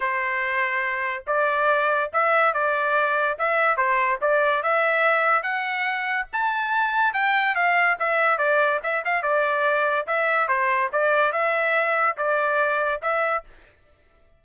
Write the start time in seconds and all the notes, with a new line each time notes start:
0.00 C5
1.26 D5
2.13 E5
2.53 D5
3.38 E5
3.76 C5
4.21 D5
4.62 E5
5.42 F#5
6.32 A5
7.13 G5
7.55 F5
7.99 E5
8.38 D5
8.83 E5
9.04 F5
9.22 D5
10.06 E5
10.48 C5
10.92 D5
11.32 E5
12.17 D5
13.01 E5